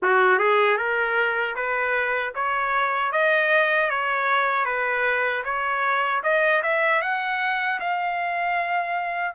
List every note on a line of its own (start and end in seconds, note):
0.02 0.38 F#4
0.38 0.77 G#4
0.77 1.55 A#4
1.55 2.33 B4
2.34 3.12 C#5
3.12 3.90 D#5
3.90 4.65 C#5
4.65 5.43 B4
5.44 6.22 C#5
6.23 6.62 D#5
6.62 7.01 E5
7.01 7.79 F#5
7.80 9.34 F5